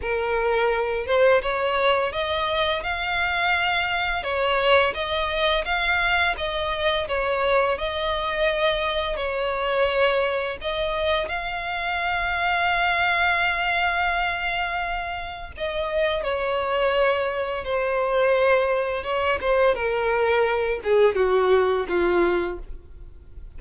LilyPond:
\new Staff \with { instrumentName = "violin" } { \time 4/4 \tempo 4 = 85 ais'4. c''8 cis''4 dis''4 | f''2 cis''4 dis''4 | f''4 dis''4 cis''4 dis''4~ | dis''4 cis''2 dis''4 |
f''1~ | f''2 dis''4 cis''4~ | cis''4 c''2 cis''8 c''8 | ais'4. gis'8 fis'4 f'4 | }